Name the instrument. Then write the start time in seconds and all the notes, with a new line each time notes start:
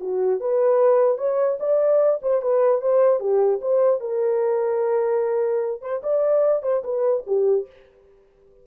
horn
0.00 F#4
0.40 B4
1.18 C#5
1.59 D5
2.22 C5
2.41 B4
2.81 C5
3.20 G4
3.61 C5
4.00 A#4
5.81 C5
6.03 D5
6.62 C5
6.83 B4
7.26 G4